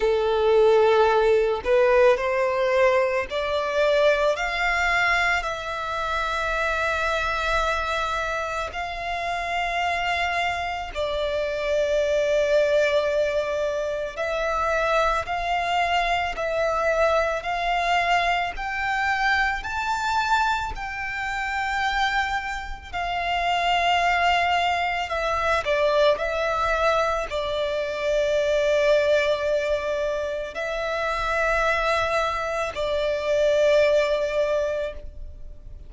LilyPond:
\new Staff \with { instrumentName = "violin" } { \time 4/4 \tempo 4 = 55 a'4. b'8 c''4 d''4 | f''4 e''2. | f''2 d''2~ | d''4 e''4 f''4 e''4 |
f''4 g''4 a''4 g''4~ | g''4 f''2 e''8 d''8 | e''4 d''2. | e''2 d''2 | }